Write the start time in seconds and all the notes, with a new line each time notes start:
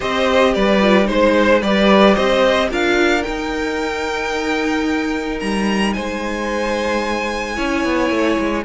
0.00 C4 G4 C5 D#5
0.54 G3 B4 D5
0.81 F4
1.04 G#3 D#4 C5
1.10 C5
1.62 G3 G4 B4 D5
2.15 C4 C5 D#5
2.69 D4 F4 A#4 F5
3.23 D#4 G5
5.39 G3 A#5
5.93 G#3 C5 G#5
7.55 C#4 E4 C#5
7.84 B3
8.10 A3
8.38 G#3